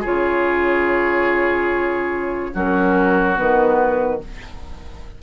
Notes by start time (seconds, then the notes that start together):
0.00 C#3 F4 G#4 C#5
2.53 F#3 C#4 F#4 A#4
3.35 D#3 B3 B4